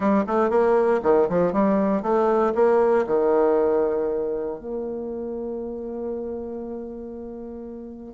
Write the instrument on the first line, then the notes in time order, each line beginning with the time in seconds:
bassoon
0.00 G3
0.27 A3
0.50 A#3
1.02 D#3
1.29 F3
1.53 G3
2.02 A3
2.54 A#3
3.06 D#3
4.58 A#3